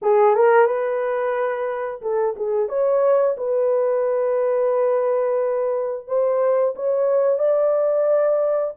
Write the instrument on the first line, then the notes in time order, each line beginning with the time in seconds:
horn
0.02 G#4
0.35 A#4
0.66 B4
2.01 A4
2.36 G#4
2.68 C#5
3.37 B4
6.07 C5
6.75 C#5
7.39 D5